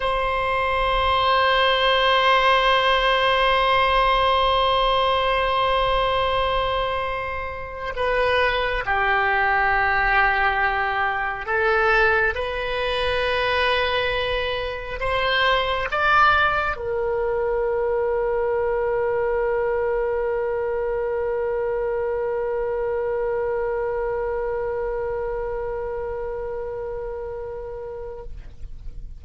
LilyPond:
\new Staff \with { instrumentName = "oboe" } { \time 4/4 \tempo 4 = 68 c''1~ | c''1~ | c''4 b'4 g'2~ | g'4 a'4 b'2~ |
b'4 c''4 d''4 ais'4~ | ais'1~ | ais'1~ | ais'1 | }